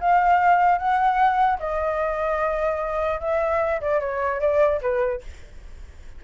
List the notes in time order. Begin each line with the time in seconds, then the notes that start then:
0.00 F5
0.78 F#5
1.59 D#5
3.20 E5
3.81 D5
4.00 C#5
4.40 D5
4.81 B4